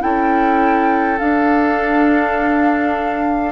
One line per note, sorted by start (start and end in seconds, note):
0.00 1.20 C#4
0.00 1.18 E4
0.00 3.52 A4
0.00 1.19 G5
1.19 3.52 D4
1.19 3.52 F5